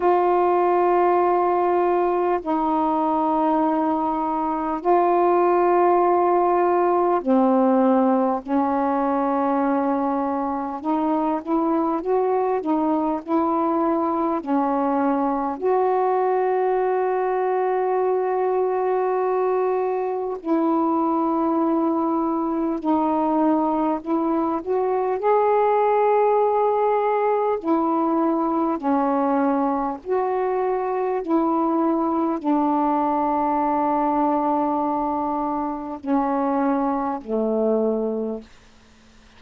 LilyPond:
\new Staff \with { instrumentName = "saxophone" } { \time 4/4 \tempo 4 = 50 f'2 dis'2 | f'2 c'4 cis'4~ | cis'4 dis'8 e'8 fis'8 dis'8 e'4 | cis'4 fis'2.~ |
fis'4 e'2 dis'4 | e'8 fis'8 gis'2 e'4 | cis'4 fis'4 e'4 d'4~ | d'2 cis'4 a4 | }